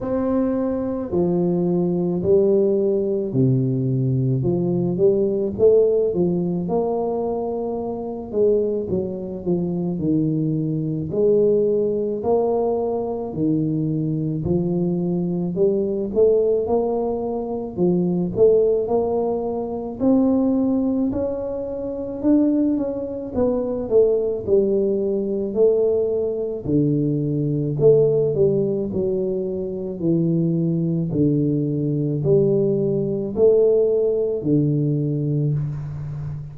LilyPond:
\new Staff \with { instrumentName = "tuba" } { \time 4/4 \tempo 4 = 54 c'4 f4 g4 c4 | f8 g8 a8 f8 ais4. gis8 | fis8 f8 dis4 gis4 ais4 | dis4 f4 g8 a8 ais4 |
f8 a8 ais4 c'4 cis'4 | d'8 cis'8 b8 a8 g4 a4 | d4 a8 g8 fis4 e4 | d4 g4 a4 d4 | }